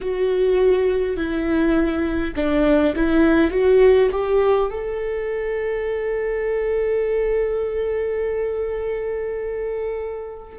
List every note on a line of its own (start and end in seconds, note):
0.00 1.17 F#4
1.17 2.34 E4
2.35 2.94 D4
2.95 3.50 E4
3.50 4.09 F#4
4.11 4.70 G4
4.70 10.58 A4